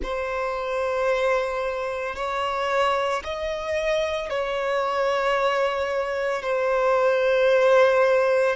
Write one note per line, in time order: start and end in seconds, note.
0.02 2.15 C5
2.15 3.22 C#5
3.23 4.29 D#5
4.29 6.42 C#5
6.42 8.56 C5